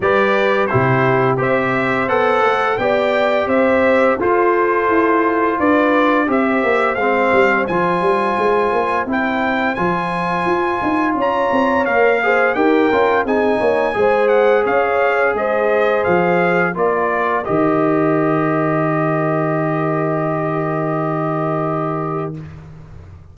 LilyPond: <<
  \new Staff \with { instrumentName = "trumpet" } { \time 4/4 \tempo 4 = 86 d''4 c''4 e''4 fis''4 | g''4 e''4 c''2 | d''4 e''4 f''4 gis''4~ | gis''4 g''4 gis''2 |
ais''4 f''4 g''4 gis''4~ | gis''8 fis''8 f''4 dis''4 f''4 | d''4 dis''2.~ | dis''1 | }
  \new Staff \with { instrumentName = "horn" } { \time 4/4 b'4 g'4 c''2 | d''4 c''4 a'2 | b'4 c''2.~ | c''1 |
cis''4. c''8 ais'4 gis'8 cis''8 | c''4 cis''4 c''2 | ais'1~ | ais'1 | }
  \new Staff \with { instrumentName = "trombone" } { \time 4/4 g'4 e'4 g'4 a'4 | g'2 f'2~ | f'4 g'4 c'4 f'4~ | f'4 e'4 f'2~ |
f'4 ais'8 gis'8 g'8 f'8 dis'4 | gis'1 | f'4 g'2.~ | g'1 | }
  \new Staff \with { instrumentName = "tuba" } { \time 4/4 g4 c4 c'4 b8 a8 | b4 c'4 f'4 e'4 | d'4 c'8 ais8 gis8 g8 f8 g8 | gis8 ais8 c'4 f4 f'8 dis'8 |
cis'8 c'8 ais4 dis'8 cis'8 c'8 ais8 | gis4 cis'4 gis4 f4 | ais4 dis2.~ | dis1 | }
>>